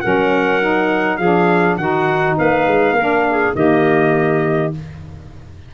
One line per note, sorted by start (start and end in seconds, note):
0.00 1.19 F#3
0.00 0.60 C#4
0.00 1.18 A#4
0.00 1.17 F#5
0.60 1.19 D#4
1.17 1.77 F3
1.17 1.79 D4
1.17 1.77 G#4
1.17 1.76 F5
1.77 2.36 D#3
1.77 2.97 D#4
1.77 2.37 F#4
1.77 2.36 F#5
2.37 2.66 A#3
2.37 2.95 B4
2.37 3.55 F5
2.66 2.91 G#3
2.91 3.50 A#3
2.91 3.25 A#4
2.98 3.54 D4
3.30 3.56 G#4
3.54 4.73 D#3
3.54 4.71 A#3
3.54 4.74 G4
3.54 4.73 D#5